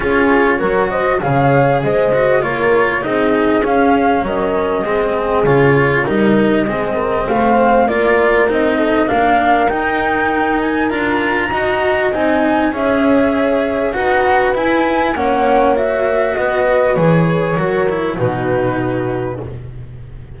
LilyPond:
<<
  \new Staff \with { instrumentName = "flute" } { \time 4/4 \tempo 4 = 99 cis''4. dis''8 f''4 dis''4 | cis''4 dis''4 f''4 dis''4~ | dis''4 cis''4 dis''2 | f''4 d''4 dis''4 f''4 |
g''4. gis''8 ais''2 | gis''4 e''2 fis''4 | gis''4 fis''4 e''4 dis''4 | cis''2 b'2 | }
  \new Staff \with { instrumentName = "horn" } { \time 4/4 gis'4 ais'8 c''8 cis''4 c''4 | ais'4 gis'2 ais'4 | gis'2 ais'4 gis'8 ais'8 | c''4 ais'4. a'8 ais'4~ |
ais'2. dis''4~ | dis''4 cis''2 b'4~ | b'4 cis''2 b'4~ | b'4 ais'4 fis'2 | }
  \new Staff \with { instrumentName = "cello" } { \time 4/4 f'4 fis'4 gis'4. fis'8 | f'4 dis'4 cis'2 | c'4 f'4 dis'4 c'4~ | c'4 f'4 dis'4 d'4 |
dis'2 f'4 fis'4 | dis'4 gis'2 fis'4 | e'4 cis'4 fis'2 | gis'4 fis'8 e'8 dis'2 | }
  \new Staff \with { instrumentName = "double bass" } { \time 4/4 cis'4 fis4 cis4 gis4 | ais4 c'4 cis'4 fis4 | gis4 cis4 g4 gis4 | a4 ais4 c'4 ais4 |
dis'2 d'4 dis'4 | c'4 cis'2 dis'4 | e'4 ais2 b4 | e4 fis4 b,2 | }
>>